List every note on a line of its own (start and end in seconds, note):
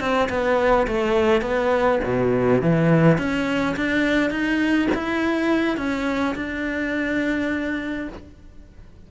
0.00 0.29 C4
0.29 0.87 B3
0.87 1.42 A3
1.42 1.99 B3
2.04 2.61 B2
2.61 3.18 E3
3.18 3.76 C#4
3.76 4.30 D4
4.30 4.88 D#4
4.94 5.77 E4
5.77 6.35 C#4
6.35 8.08 D4